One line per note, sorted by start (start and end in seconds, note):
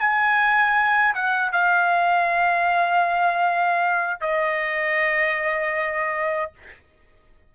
0.00 1.14 G#5
1.14 1.52 F#5
1.52 4.21 F5
4.21 6.52 D#5